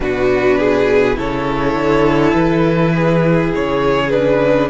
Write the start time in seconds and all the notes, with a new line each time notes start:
0.00 B2 D4 F#4 B4
0.57 G#4
1.14 C#3 E4 A4 C#5
1.75 D3
2.33 E3 B4
2.95 G#4
3.55 C#3 C#5
4.10 D4 B4